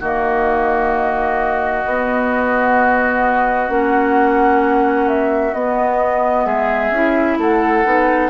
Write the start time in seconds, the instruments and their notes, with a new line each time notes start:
0.00 bassoon D#3, clarinet A#3, oboe F#4, flute D#5
1.85 bassoon B3, clarinet B3
3.68 bassoon A#3, clarinet C#4, flute F#5
5.09 flute E5
5.53 bassoon B3, clarinet B3, flute D#5
6.45 bassoon G#3, oboe G#4, flute E5
6.91 bassoon C#4, clarinet E4
7.38 bassoon A3, oboe A4, flute F#5
7.85 bassoon B3, clarinet D#4